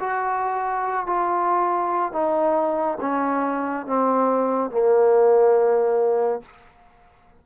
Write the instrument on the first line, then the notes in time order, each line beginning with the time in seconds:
trombone
0.00 F#4
1.06 F4
2.12 D#4
3.00 C#4
3.86 C4
4.70 A#3